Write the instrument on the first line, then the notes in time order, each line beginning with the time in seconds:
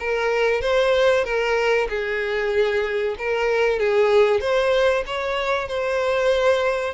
violin
0.00 A#4
0.61 C5
1.25 A#4
1.90 G#4
3.19 A#4
3.80 G#4
4.41 C5
5.07 C#5
5.68 C5